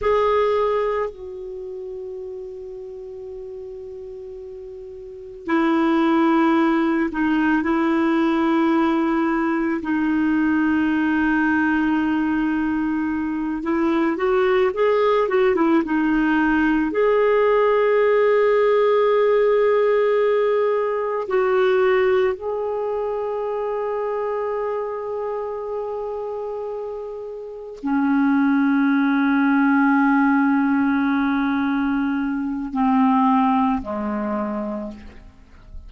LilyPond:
\new Staff \with { instrumentName = "clarinet" } { \time 4/4 \tempo 4 = 55 gis'4 fis'2.~ | fis'4 e'4. dis'8 e'4~ | e'4 dis'2.~ | dis'8 e'8 fis'8 gis'8 fis'16 e'16 dis'4 gis'8~ |
gis'2.~ gis'8 fis'8~ | fis'8 gis'2.~ gis'8~ | gis'4. cis'2~ cis'8~ | cis'2 c'4 gis4 | }